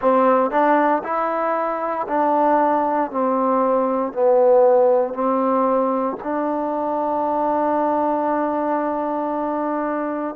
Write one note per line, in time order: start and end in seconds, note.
0.00 0.50 C4
0.50 1.02 D4
1.03 2.06 E4
2.07 3.10 D4
3.10 4.12 C4
4.12 5.13 B3
5.13 6.16 C4
6.23 10.35 D4